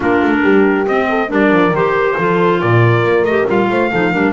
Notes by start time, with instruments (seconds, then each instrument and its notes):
0.00 double bass A#3, clarinet D4, horn F4, trumpet A#4
0.22 double bass A3
0.42 double bass G3, horn G4
0.87 double bass C4, clarinet C4, trumpet D#5
1.09 horn A4
1.27 double bass G3, clarinet D4, horn A#4, trumpet D5
1.51 double bass F3
1.71 double bass D#3, clarinet G4, trumpet C5
2.16 double bass F3, clarinet F4, horn A4
2.60 double bass A#2, horn A#4, trumpet D5
3.03 double bass A#3
3.22 double bass A3, clarinet G4, trumpet D#5
3.47 double bass G3, clarinet F4, trumpet F5
3.70 double bass A3, horn C5
3.90 double bass F3, clarinet D#4, horn A4
4.11 double bass G3, clarinet D4, horn A#4